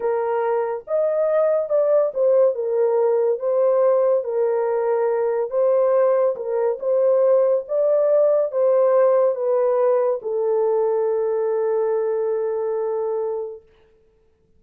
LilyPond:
\new Staff \with { instrumentName = "horn" } { \time 4/4 \tempo 4 = 141 ais'2 dis''2 | d''4 c''4 ais'2 | c''2 ais'2~ | ais'4 c''2 ais'4 |
c''2 d''2 | c''2 b'2 | a'1~ | a'1 | }